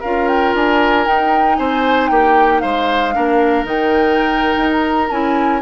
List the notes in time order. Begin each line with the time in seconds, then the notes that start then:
0.00 C#4 F4 A#4 F5
0.28 G5
0.54 D4 G#5
1.06 D#4 G5
1.56 C4 C5 G#5
2.08 A#3 G4 G5
2.60 G#3 C5 F5
3.14 A#3 D4 A#4
3.64 D#3 D#4 G5
4.57 D#4
4.72 A#5
5.11 C#4 E4 G#5